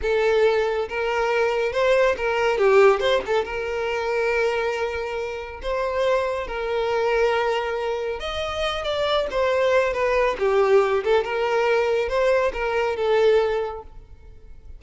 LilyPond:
\new Staff \with { instrumentName = "violin" } { \time 4/4 \tempo 4 = 139 a'2 ais'2 | c''4 ais'4 g'4 c''8 a'8 | ais'1~ | ais'4 c''2 ais'4~ |
ais'2. dis''4~ | dis''8 d''4 c''4. b'4 | g'4. a'8 ais'2 | c''4 ais'4 a'2 | }